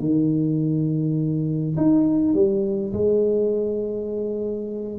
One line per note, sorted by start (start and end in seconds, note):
0.00 1.76 D#3
1.77 2.34 D#4
2.34 2.93 G3
2.94 4.99 G#3